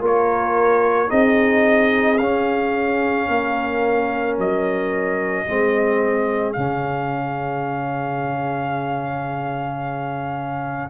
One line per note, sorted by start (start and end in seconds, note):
0.00 1.09 A#3
0.00 1.08 F4
0.00 1.09 A#4
0.00 1.10 C#5
1.08 2.19 C4
1.08 2.17 D#4
1.08 3.27 G#4
1.08 2.17 D#5
2.17 3.28 C#4
2.17 5.47 C#4
2.17 4.35 F5
3.28 4.37 A#3
3.28 5.46 A#4
4.37 5.46 F#3
4.37 6.52 D#5
5.46 6.56 G#3
5.46 6.55 C4
5.46 10.90 G#4
6.52 10.90 C#3
6.52 10.90 C#4
6.52 10.88 F5